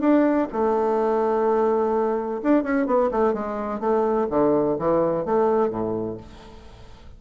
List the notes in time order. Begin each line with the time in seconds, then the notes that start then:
0.00 D4
0.52 A3
2.43 D4
2.63 C#4
2.86 B3
3.11 A3
3.33 G#3
3.80 A3
4.30 D3
4.79 E3
5.25 A3
5.70 A2